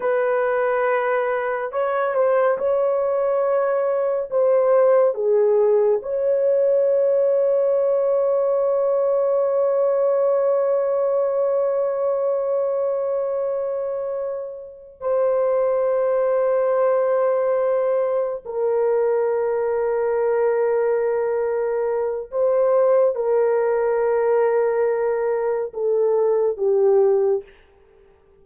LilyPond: \new Staff \with { instrumentName = "horn" } { \time 4/4 \tempo 4 = 70 b'2 cis''8 c''8 cis''4~ | cis''4 c''4 gis'4 cis''4~ | cis''1~ | cis''1~ |
cis''4. c''2~ c''8~ | c''4. ais'2~ ais'8~ | ais'2 c''4 ais'4~ | ais'2 a'4 g'4 | }